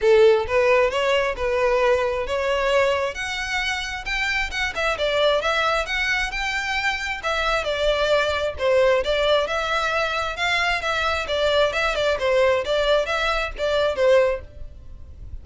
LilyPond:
\new Staff \with { instrumentName = "violin" } { \time 4/4 \tempo 4 = 133 a'4 b'4 cis''4 b'4~ | b'4 cis''2 fis''4~ | fis''4 g''4 fis''8 e''8 d''4 | e''4 fis''4 g''2 |
e''4 d''2 c''4 | d''4 e''2 f''4 | e''4 d''4 e''8 d''8 c''4 | d''4 e''4 d''4 c''4 | }